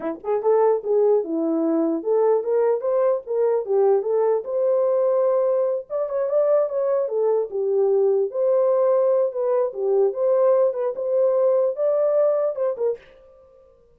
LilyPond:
\new Staff \with { instrumentName = "horn" } { \time 4/4 \tempo 4 = 148 e'8 gis'8 a'4 gis'4 e'4~ | e'4 a'4 ais'4 c''4 | ais'4 g'4 a'4 c''4~ | c''2~ c''8 d''8 cis''8 d''8~ |
d''8 cis''4 a'4 g'4.~ | g'8 c''2~ c''8 b'4 | g'4 c''4. b'8 c''4~ | c''4 d''2 c''8 ais'8 | }